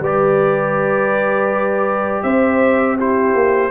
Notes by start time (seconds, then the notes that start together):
0.00 G3 G4 B4 D5
2.23 C4 C5 E5
2.97 E4 G4 C5
3.34 A#3